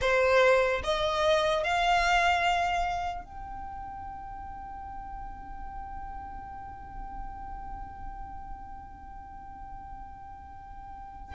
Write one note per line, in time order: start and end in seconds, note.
0.01 0.82 C5
0.83 1.63 D#5
1.63 3.24 F5
3.24 11.35 G5